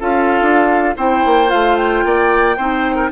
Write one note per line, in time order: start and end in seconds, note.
0.00 0.41 C#4
0.00 0.95 F4
0.00 0.95 A4
0.00 0.96 F5
0.41 0.95 D4
0.96 1.24 C4
0.96 1.47 E4
0.96 2.04 C5
0.96 1.50 G5
1.25 1.52 A#3
1.47 2.04 A3
1.47 2.55 F4
1.47 1.76 F5
1.76 3.11 G5
2.04 2.57 A#3
2.04 2.56 D5
2.56 3.11 C4
2.56 3.12 D#4
2.56 2.96 C5
2.96 3.09 A#4